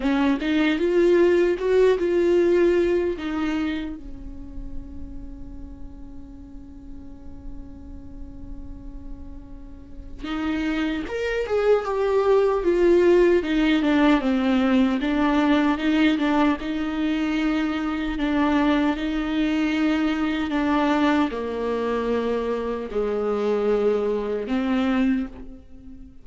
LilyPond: \new Staff \with { instrumentName = "viola" } { \time 4/4 \tempo 4 = 76 cis'8 dis'8 f'4 fis'8 f'4. | dis'4 cis'2.~ | cis'1~ | cis'4 dis'4 ais'8 gis'8 g'4 |
f'4 dis'8 d'8 c'4 d'4 | dis'8 d'8 dis'2 d'4 | dis'2 d'4 ais4~ | ais4 gis2 c'4 | }